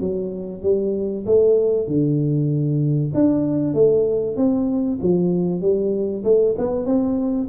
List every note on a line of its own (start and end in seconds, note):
0.00 0.62 F#3
0.62 1.25 G3
1.26 1.87 A3
1.87 3.12 D3
3.14 3.74 D4
3.74 4.36 A3
4.36 4.99 C4
5.01 5.61 F3
5.61 6.24 G3
6.24 6.55 A3
6.58 6.86 B3
6.86 7.48 C4